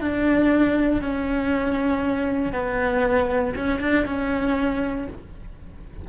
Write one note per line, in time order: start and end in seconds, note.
0.00 1.01 D4
1.01 2.52 C#4
2.52 3.54 B3
3.55 3.80 C#4
3.80 4.05 D4
4.05 5.07 C#4